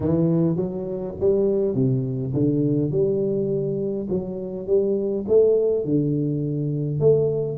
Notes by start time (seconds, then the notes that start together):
0.00 E3
0.56 F#3
1.20 G3
1.74 C3
2.34 D3
2.91 G3
4.09 F#3
4.66 G3
5.27 A3
5.85 D3
7.00 A3